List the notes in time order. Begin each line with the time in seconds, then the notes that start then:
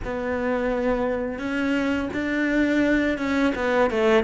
0.04 B3
1.38 C#4
2.13 D4
3.18 C#4
3.55 B3
3.90 A3